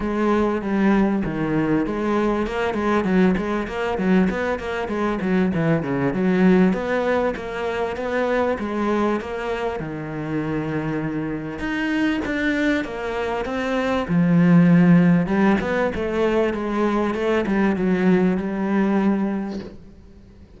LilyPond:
\new Staff \with { instrumentName = "cello" } { \time 4/4 \tempo 4 = 98 gis4 g4 dis4 gis4 | ais8 gis8 fis8 gis8 ais8 fis8 b8 ais8 | gis8 fis8 e8 cis8 fis4 b4 | ais4 b4 gis4 ais4 |
dis2. dis'4 | d'4 ais4 c'4 f4~ | f4 g8 b8 a4 gis4 | a8 g8 fis4 g2 | }